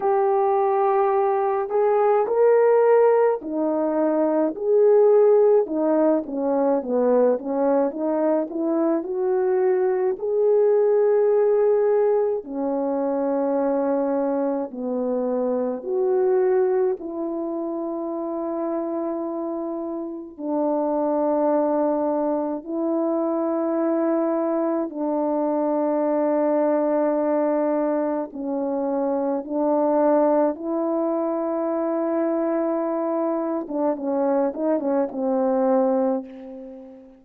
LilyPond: \new Staff \with { instrumentName = "horn" } { \time 4/4 \tempo 4 = 53 g'4. gis'8 ais'4 dis'4 | gis'4 dis'8 cis'8 b8 cis'8 dis'8 e'8 | fis'4 gis'2 cis'4~ | cis'4 b4 fis'4 e'4~ |
e'2 d'2 | e'2 d'2~ | d'4 cis'4 d'4 e'4~ | e'4.~ e'16 d'16 cis'8 dis'16 cis'16 c'4 | }